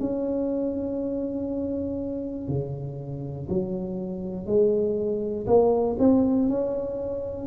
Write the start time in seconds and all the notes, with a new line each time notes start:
0.00 C#4
2.48 C#3
3.49 F#3
4.46 G#3
5.46 A#3
5.99 C4
6.48 C#4